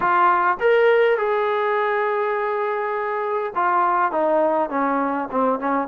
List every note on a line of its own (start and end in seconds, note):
0.00 0.57 F4
0.60 1.17 A#4
1.17 3.52 G#4
3.55 4.11 F4
4.11 4.69 D#4
4.69 5.28 C#4
5.31 5.59 C4
5.59 5.87 C#4